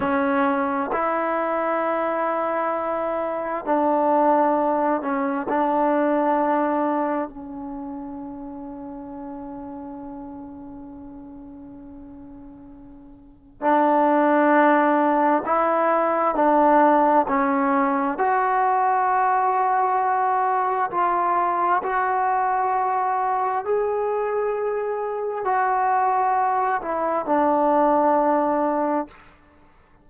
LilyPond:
\new Staff \with { instrumentName = "trombone" } { \time 4/4 \tempo 4 = 66 cis'4 e'2. | d'4. cis'8 d'2 | cis'1~ | cis'2. d'4~ |
d'4 e'4 d'4 cis'4 | fis'2. f'4 | fis'2 gis'2 | fis'4. e'8 d'2 | }